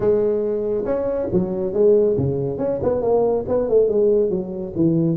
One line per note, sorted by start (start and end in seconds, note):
0.00 0.84 G#3
0.85 1.28 C#4
1.32 1.73 F#3
1.73 2.16 G#3
2.17 2.58 C#3
2.58 2.79 C#4
2.82 3.01 B3
3.01 3.44 A#3
3.48 3.68 B3
3.68 3.88 A3
3.88 4.30 G#3
4.30 4.73 F#3
4.75 5.16 E3